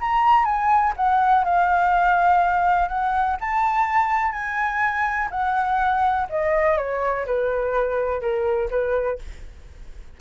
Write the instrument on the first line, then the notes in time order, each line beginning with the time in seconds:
flute
0.00 A#5
0.45 G#5
0.96 F#5
1.44 F5
2.88 F#5
3.40 A5
4.32 G#5
5.30 F#5
6.29 D#5
6.77 C#5
7.26 B4
8.20 A#4
8.70 B4